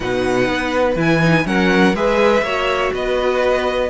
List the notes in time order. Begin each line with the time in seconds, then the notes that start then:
0.00 B2 D#4 B4 F#5
0.47 B3
0.95 E3 E4 G#5
1.22 D#4
1.45 F#3 C#4 A#4 F#5
1.94 G#3 G#4 B4 E5
2.41 A#3 F#4 C#5
2.93 B3 B4 D#5